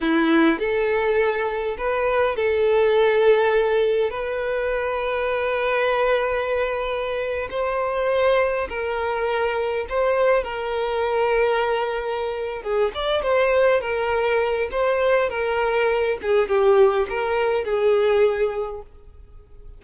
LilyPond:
\new Staff \with { instrumentName = "violin" } { \time 4/4 \tempo 4 = 102 e'4 a'2 b'4 | a'2. b'4~ | b'1~ | b'8. c''2 ais'4~ ais'16~ |
ais'8. c''4 ais'2~ ais'16~ | ais'4. gis'8 d''8 c''4 ais'8~ | ais'4 c''4 ais'4. gis'8 | g'4 ais'4 gis'2 | }